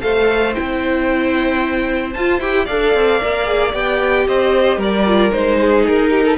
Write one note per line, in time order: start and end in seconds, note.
0.00 0.56 A3
0.00 0.53 A4
0.00 2.65 C5
0.00 0.54 F5
0.54 2.15 C4
0.54 2.14 E4
0.54 2.13 G5
2.13 2.39 F4
2.13 2.41 F4
2.13 2.39 A5
2.39 2.66 E4
2.39 2.67 G4
2.39 2.65 G5
2.65 2.94 D4
2.65 3.20 A4
2.65 4.24 D5
2.65 3.72 F5
2.94 3.21 C4
3.20 3.73 A#3
3.20 3.44 A#4
3.44 3.71 G#4
3.72 4.26 B3
3.72 5.05 G4
3.72 4.27 G5
4.27 4.77 C4
4.27 4.78 C5
4.27 4.80 D#5
4.77 5.30 G3
4.77 5.58 A#4
4.77 5.32 D5
5.06 5.31 F4
5.31 5.87 G#3
5.31 6.37 D#4
5.31 5.85 C5
5.60 6.11 G#4
5.87 6.38 D#4
5.87 6.38 A#4
6.11 6.23 G4
6.23 6.36 A4